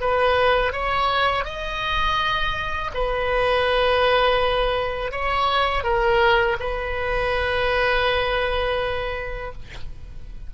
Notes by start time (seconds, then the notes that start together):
0.00 B4
0.72 C#5
1.44 D#5
2.94 B4
5.11 C#5
5.83 A#4
6.60 B4